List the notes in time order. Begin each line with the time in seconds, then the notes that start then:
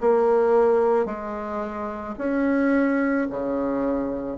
0.00 A#3
1.05 G#3
2.18 C#4
3.30 C#3